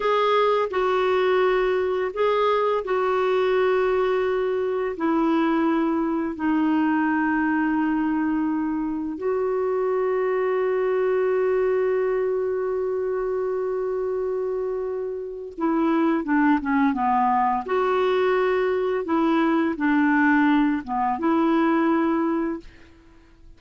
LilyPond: \new Staff \with { instrumentName = "clarinet" } { \time 4/4 \tempo 4 = 85 gis'4 fis'2 gis'4 | fis'2. e'4~ | e'4 dis'2.~ | dis'4 fis'2.~ |
fis'1~ | fis'2 e'4 d'8 cis'8 | b4 fis'2 e'4 | d'4. b8 e'2 | }